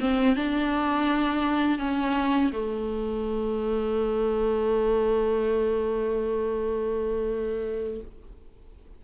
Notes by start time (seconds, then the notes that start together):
0.00 C4
0.36 D4
1.79 C#4
2.53 A3